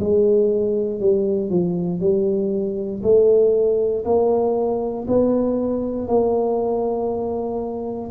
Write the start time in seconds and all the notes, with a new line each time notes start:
0.00 G#3
1.00 G3
1.50 F3
2.00 G3
3.03 A3
4.05 A#3
5.08 B3
6.07 A#3